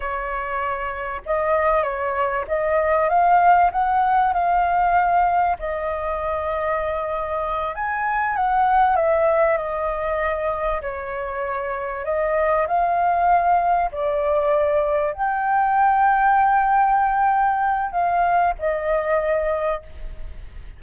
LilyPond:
\new Staff \with { instrumentName = "flute" } { \time 4/4 \tempo 4 = 97 cis''2 dis''4 cis''4 | dis''4 f''4 fis''4 f''4~ | f''4 dis''2.~ | dis''8 gis''4 fis''4 e''4 dis''8~ |
dis''4. cis''2 dis''8~ | dis''8 f''2 d''4.~ | d''8 g''2.~ g''8~ | g''4 f''4 dis''2 | }